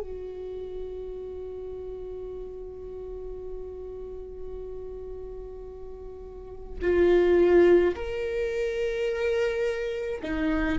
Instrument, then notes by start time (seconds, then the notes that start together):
viola
0.00 F#4
6.81 F4
7.95 A#4
10.22 D#4